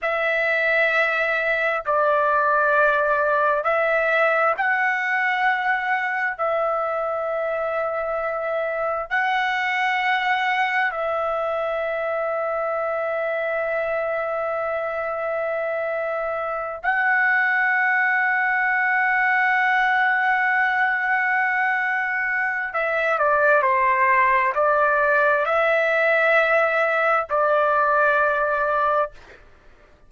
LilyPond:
\new Staff \with { instrumentName = "trumpet" } { \time 4/4 \tempo 4 = 66 e''2 d''2 | e''4 fis''2 e''4~ | e''2 fis''2 | e''1~ |
e''2~ e''8 fis''4.~ | fis''1~ | fis''4 e''8 d''8 c''4 d''4 | e''2 d''2 | }